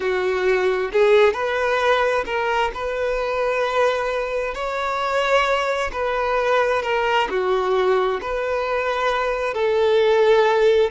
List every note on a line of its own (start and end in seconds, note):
0.00 0.91 F#4
0.92 1.33 G#4
1.33 2.24 B4
2.25 2.71 A#4
2.74 4.54 B4
4.54 5.90 C#5
5.92 6.82 B4
6.82 7.27 A#4
7.29 8.20 F#4
8.21 9.54 B4
9.54 10.90 A4